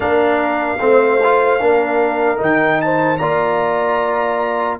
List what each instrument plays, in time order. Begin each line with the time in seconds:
0.00 tuba A#3, trombone D4, horn A#4, trumpet F5
0.79 tuba A3, trombone C4, horn C5
1.23 trombone F4
1.60 tuba A#3, trombone D4, horn A#4
2.37 tuba D#3, trombone D#4, trumpet G5
2.81 horn C5, trumpet A5
3.17 tuba A#3, trombone F4, horn D5, trumpet A#5